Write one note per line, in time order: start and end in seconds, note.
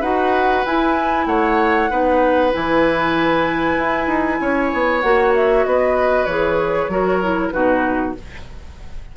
0.00 0.64 D#4
0.00 0.65 F#4
0.00 1.25 B4
0.00 0.65 F#5
0.65 1.26 E4
0.65 1.89 E4
0.65 1.26 G#5
1.26 1.89 A3
1.26 1.90 C#5
1.26 2.51 F#5
1.89 2.53 B3
1.89 2.52 D#4
1.89 4.40 B4
2.52 3.78 E3
2.52 5.02 E4
2.52 5.00 G#5
3.78 4.07 E4
4.07 4.38 D#4
4.40 4.72 C#4
4.40 5.66 C#5
4.73 5.03 B3
5.00 5.65 A#3
5.00 6.28 F#4
5.00 5.32 F#5
5.35 5.64 E5
5.64 6.26 B3
5.64 6.91 B4
5.64 6.25 D#5
6.25 6.88 E3
6.25 6.91 G#4
6.25 7.50 C#5
6.88 7.51 F#3
6.88 7.22 F#4
6.88 7.53 A#4
7.22 7.52 E4
7.50 8.16 B2
7.50 8.14 D#4
7.50 8.16 F#4
7.50 8.12 B4